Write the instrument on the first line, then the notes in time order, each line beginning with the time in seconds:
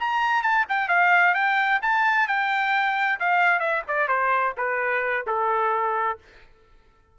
trumpet
0.00 A#5
0.43 A5
0.69 G5
0.89 F5
1.35 G5
1.82 A5
2.28 G5
3.20 F5
3.60 E5
3.88 D5
4.08 C5
4.57 B4
5.27 A4